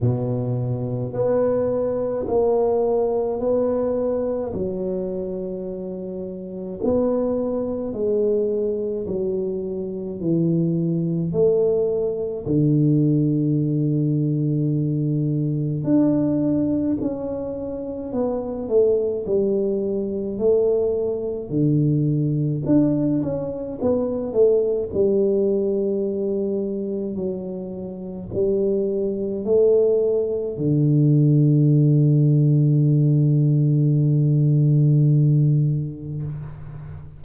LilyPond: \new Staff \with { instrumentName = "tuba" } { \time 4/4 \tempo 4 = 53 b,4 b4 ais4 b4 | fis2 b4 gis4 | fis4 e4 a4 d4~ | d2 d'4 cis'4 |
b8 a8 g4 a4 d4 | d'8 cis'8 b8 a8 g2 | fis4 g4 a4 d4~ | d1 | }